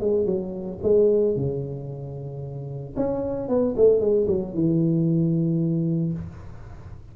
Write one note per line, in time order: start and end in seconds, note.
0.00 0.25 G#3
0.25 0.78 F#3
0.83 1.36 G#3
1.36 2.95 C#3
2.96 3.48 C#4
3.48 3.75 B3
3.77 4.00 A3
4.00 4.27 G#3
4.27 4.54 F#3
4.54 6.13 E3